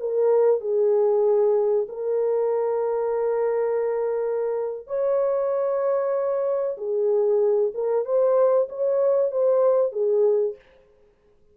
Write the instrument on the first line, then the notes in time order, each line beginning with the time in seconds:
horn
0.00 A#4
0.61 G#4
1.88 A#4
4.87 C#5
6.78 G#4
7.74 A#4
8.05 C5
8.69 C#5
9.32 C5
9.92 G#4